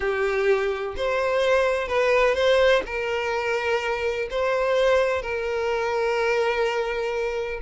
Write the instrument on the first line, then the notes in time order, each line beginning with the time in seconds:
violin
0.00 G4
0.96 C5
1.88 B4
2.35 C5
2.85 A#4
4.30 C5
5.22 A#4